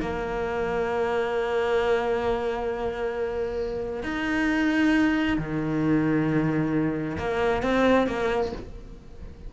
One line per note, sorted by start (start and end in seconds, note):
0.00 4.03 A#3
4.03 5.37 D#4
5.38 7.17 D#3
7.18 7.62 A#3
7.62 8.07 C4
8.07 8.52 A#3